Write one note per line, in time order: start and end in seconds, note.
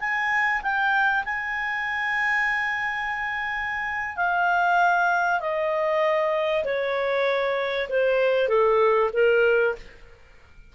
0.00 0.62 G#5
0.62 1.24 G5
1.25 4.17 G#5
4.17 5.40 F5
5.40 6.64 D#5
6.65 7.88 C#5
7.89 8.49 C5
8.49 9.10 A4
9.13 9.75 A#4